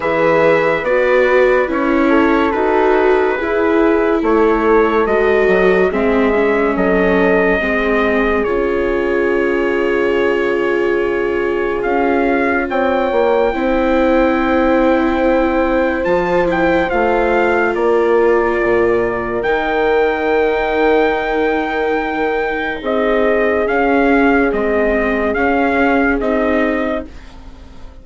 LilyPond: <<
  \new Staff \with { instrumentName = "trumpet" } { \time 4/4 \tempo 4 = 71 e''4 d''4 cis''4 b'4~ | b'4 cis''4 dis''4 e''4 | dis''2 cis''2~ | cis''2 f''4 g''4~ |
g''2. a''8 g''8 | f''4 d''2 g''4~ | g''2. dis''4 | f''4 dis''4 f''4 dis''4 | }
  \new Staff \with { instrumentName = "horn" } { \time 4/4 b'2~ b'8 a'4. | gis'4 a'2 gis'4 | a'4 gis'2.~ | gis'2. cis''4 |
c''1~ | c''4 ais'2.~ | ais'2. gis'4~ | gis'1 | }
  \new Staff \with { instrumentName = "viola" } { \time 4/4 gis'4 fis'4 e'4 fis'4 | e'2 fis'4 c'8 cis'8~ | cis'4 c'4 f'2~ | f'1 |
e'2. f'8 e'8 | f'2. dis'4~ | dis'1 | cis'4 c'4 cis'4 dis'4 | }
  \new Staff \with { instrumentName = "bassoon" } { \time 4/4 e4 b4 cis'4 dis'4 | e'4 a4 gis8 fis8 gis4 | fis4 gis4 cis2~ | cis2 cis'4 c'8 ais8 |
c'2. f4 | a4 ais4 ais,4 dis4~ | dis2. c'4 | cis'4 gis4 cis'4 c'4 | }
>>